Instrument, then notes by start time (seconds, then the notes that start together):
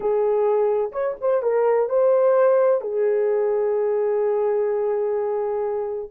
horn
0.00 G#4
0.91 C#5
1.21 C5
1.42 A#4
1.89 C5
2.81 G#4